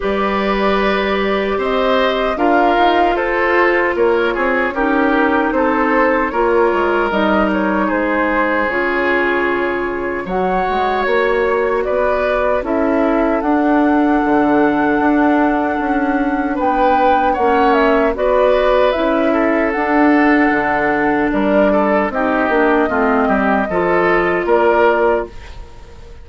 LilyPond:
<<
  \new Staff \with { instrumentName = "flute" } { \time 4/4 \tempo 4 = 76 d''2 dis''4 f''4 | c''4 cis''4 ais'4 c''4 | cis''4 dis''8 cis''8 c''4 cis''4~ | cis''4 fis''4 cis''4 d''4 |
e''4 fis''2.~ | fis''4 g''4 fis''8 e''8 d''4 | e''4 fis''2 d''4 | dis''2. d''4 | }
  \new Staff \with { instrumentName = "oboe" } { \time 4/4 b'2 c''4 ais'4 | a'4 ais'8 gis'8 g'4 a'4 | ais'2 gis'2~ | gis'4 cis''2 b'4 |
a'1~ | a'4 b'4 cis''4 b'4~ | b'8 a'2~ a'8 ais'8 a'8 | g'4 f'8 g'8 a'4 ais'4 | }
  \new Staff \with { instrumentName = "clarinet" } { \time 4/4 g'2. f'4~ | f'2 dis'2 | f'4 dis'2 f'4~ | f'4 fis'2. |
e'4 d'2.~ | d'2 cis'4 fis'4 | e'4 d'2. | dis'8 d'8 c'4 f'2 | }
  \new Staff \with { instrumentName = "bassoon" } { \time 4/4 g2 c'4 d'8 dis'8 | f'4 ais8 c'8 cis'4 c'4 | ais8 gis8 g4 gis4 cis4~ | cis4 fis8 gis8 ais4 b4 |
cis'4 d'4 d4 d'4 | cis'4 b4 ais4 b4 | cis'4 d'4 d4 g4 | c'8 ais8 a8 g8 f4 ais4 | }
>>